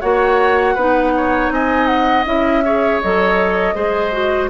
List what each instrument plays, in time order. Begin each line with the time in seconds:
0.00 bassoon A#3, clarinet F#4, oboe C#5, flute F#5
0.74 bassoon B3, clarinet D#4, oboe B4
1.16 oboe C#5
1.49 bassoon C4, oboe D#5, flute G#5
1.86 flute F#5
2.25 bassoon C#4, clarinet E4, flute E5
2.64 clarinet G#4, oboe C#5
3.01 bassoon F#3, clarinet A4, flute D#5
3.75 bassoon G#3, clarinet G#4, oboe C5
4.12 clarinet F#4